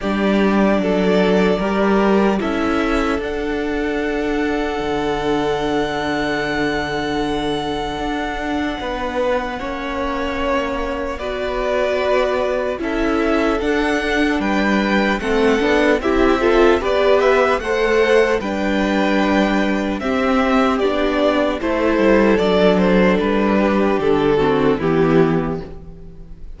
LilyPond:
<<
  \new Staff \with { instrumentName = "violin" } { \time 4/4 \tempo 4 = 75 d''2. e''4 | fis''1~ | fis''1~ | fis''2 d''2 |
e''4 fis''4 g''4 fis''4 | e''4 d''8 e''8 fis''4 g''4~ | g''4 e''4 d''4 c''4 | d''8 c''8 b'4 a'4 g'4 | }
  \new Staff \with { instrumentName = "violin" } { \time 4/4 g'4 a'4 ais'4 a'4~ | a'1~ | a'2. b'4 | cis''2 b'2 |
a'2 b'4 a'4 | g'8 a'8 b'4 c''4 b'4~ | b'4 g'2 a'4~ | a'4. g'4 fis'8 e'4 | }
  \new Staff \with { instrumentName = "viola" } { \time 4/4 d'2 g'4 e'4 | d'1~ | d'1 | cis'2 fis'2 |
e'4 d'2 c'8 d'8 | e'8 f'8 g'4 a'4 d'4~ | d'4 c'4 d'4 e'4 | d'2~ d'8 c'8 b4 | }
  \new Staff \with { instrumentName = "cello" } { \time 4/4 g4 fis4 g4 cis'4 | d'2 d2~ | d2 d'4 b4 | ais2 b2 |
cis'4 d'4 g4 a8 b8 | c'4 b4 a4 g4~ | g4 c'4 b4 a8 g8 | fis4 g4 d4 e4 | }
>>